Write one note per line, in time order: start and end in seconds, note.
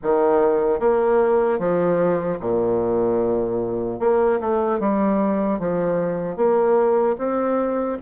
0.03 0.79 D#3
0.79 1.59 A#3
1.59 2.39 F3
2.40 3.99 A#2
3.99 4.39 A#3
4.40 4.79 A3
4.79 5.59 G3
5.59 6.36 F3
6.36 7.16 A#3
7.18 7.98 C4